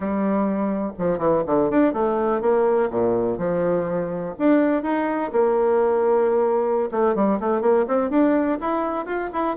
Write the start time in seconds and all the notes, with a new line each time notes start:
0.00 G3
0.98 F3
1.18 E3
1.46 D3
1.70 D4
1.93 A3
2.41 A#3
2.90 A#2
3.38 F3
4.38 D4
4.82 D#4
5.32 A#3
6.91 A3
7.15 G3
7.39 A3
7.61 A#3
7.87 C4
8.10 D4
8.61 E4
9.05 F4
9.32 E4